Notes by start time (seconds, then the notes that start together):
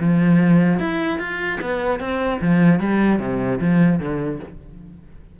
0.00 F3
0.79 E4
1.19 F4
1.61 B3
2.00 C4
2.41 F3
2.80 G3
3.19 C3
3.61 F3
4.00 D3